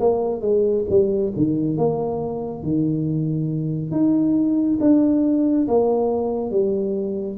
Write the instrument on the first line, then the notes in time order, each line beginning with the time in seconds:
tuba
0.00 A#3
0.42 G#3
0.90 G3
1.37 D#3
1.77 A#3
2.63 D#3
3.92 D#4
4.81 D4
5.68 A#3
6.51 G3